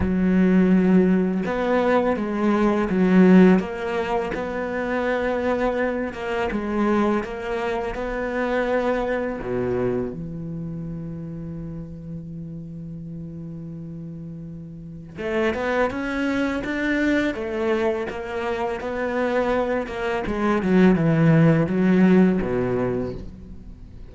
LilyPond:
\new Staff \with { instrumentName = "cello" } { \time 4/4 \tempo 4 = 83 fis2 b4 gis4 | fis4 ais4 b2~ | b8 ais8 gis4 ais4 b4~ | b4 b,4 e2~ |
e1~ | e4 a8 b8 cis'4 d'4 | a4 ais4 b4. ais8 | gis8 fis8 e4 fis4 b,4 | }